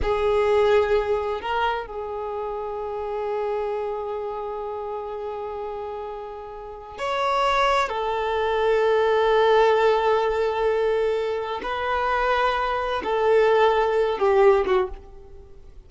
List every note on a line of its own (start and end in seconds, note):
0.02 1.41 G#4
1.41 1.86 A#4
1.86 6.98 G#4
6.98 7.88 C#5
7.88 11.60 A4
11.62 13.02 B4
13.03 14.18 A4
14.18 14.65 G4
14.66 14.89 F#4